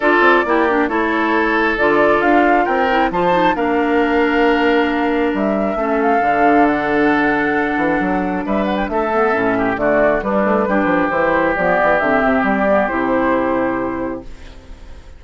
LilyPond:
<<
  \new Staff \with { instrumentName = "flute" } { \time 4/4 \tempo 4 = 135 d''2 cis''2 | d''4 f''4 g''4 a''4 | f''1 | e''4. f''4. fis''4~ |
fis''2. e''8 fis''16 g''16 | e''2 d''4 b'4~ | b'4 c''4 d''4 e''4 | d''4 c''2. | }
  \new Staff \with { instrumentName = "oboe" } { \time 4/4 a'4 g'4 a'2~ | a'2 ais'4 c''4 | ais'1~ | ais'4 a'2.~ |
a'2. b'4 | a'4. g'8 fis'4 d'4 | g'1~ | g'1 | }
  \new Staff \with { instrumentName = "clarinet" } { \time 4/4 f'4 e'8 d'8 e'2 | f'2~ f'8 e'8 f'8 dis'8 | d'1~ | d'4 cis'4 d'2~ |
d'1~ | d'8 b8 cis'4 a4 g4 | d'4 e'4 b4 c'4~ | c'8 b8 e'2. | }
  \new Staff \with { instrumentName = "bassoon" } { \time 4/4 d'8 c'8 ais4 a2 | d4 d'4 c'4 f4 | ais1 | g4 a4 d2~ |
d4. e8 fis4 g4 | a4 a,4 d4 g8 a8 | g8 f8 e4 f8 e8 d8 c8 | g4 c2. | }
>>